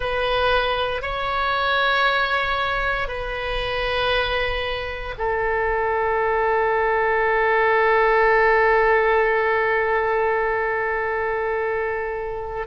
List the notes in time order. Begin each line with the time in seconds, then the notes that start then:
0.00 B4
1.02 C#5
3.08 B4
5.17 A4